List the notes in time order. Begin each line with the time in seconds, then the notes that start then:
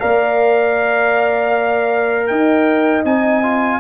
0.00 A#3 A#4 D5 F5
2.27 D#4 D#5 G5
3.05 C4 D#4 G#5
3.43 F4